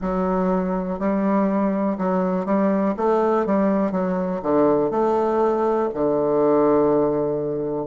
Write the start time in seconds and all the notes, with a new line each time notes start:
0.01 F#3
0.99 G3
1.98 F#3
2.45 G3
2.96 A3
3.46 G3
3.91 F#3
4.42 D3
4.90 A3
5.93 D3